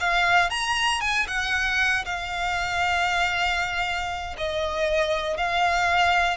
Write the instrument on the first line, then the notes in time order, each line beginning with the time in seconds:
violin
0.00 F5
0.50 A#5
1.01 G#5
1.28 F#5
2.05 F5
4.38 D#5
5.37 F5